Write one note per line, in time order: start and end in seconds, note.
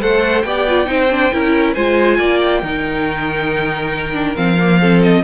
0.00 0.44 A3
0.00 0.43 A4
0.00 0.46 C5
0.00 0.42 F#5
0.42 0.88 B3
0.42 0.68 G4
0.42 0.90 D5
0.42 1.73 G5
0.68 0.86 F4
0.86 1.31 C4
0.86 1.07 D#4
0.86 1.34 C5
1.11 1.33 D4
1.33 1.76 C#4
1.33 1.76 E4
1.33 1.75 A#4
1.75 2.19 G#3
1.75 2.64 F4
1.75 2.18 C5
1.75 2.40 G#5
2.19 2.63 A#3
2.19 2.62 D5
2.41 4.36 G5
2.63 4.37 D#3
2.63 4.14 D#4
2.63 4.80 A#4
4.14 4.36 D4
4.37 5.24 F3
4.37 4.58 C4
4.37 5.02 F5
4.60 4.82 A#3
4.81 5.25 C4
4.81 5.24 A4
5.03 5.25 D#5